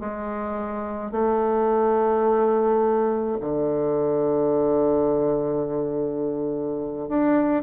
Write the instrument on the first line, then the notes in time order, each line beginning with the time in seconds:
bassoon
0.00 G#3
1.12 A3
3.41 D3
7.09 D4